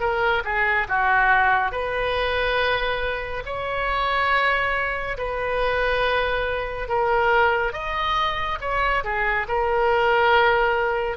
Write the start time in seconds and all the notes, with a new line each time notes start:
0.00 A#4
0.44 G#4
0.88 F#4
1.72 B4
3.46 C#5
5.17 B4
6.88 A#4
7.73 D#5
8.61 C#5
9.04 G#4
9.48 A#4